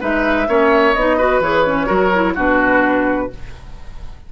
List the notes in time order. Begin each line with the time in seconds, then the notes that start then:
0.00 G#3 D#4 B4 E5
0.47 A#3 C#4 C#5
0.93 B3 D#4 D#5
1.17 F#4 B4
1.40 E3 G#4 C#5
1.66 C#4
1.86 F#3 F#4 A#4
2.14 E4
2.34 B2 D4 F#4 B4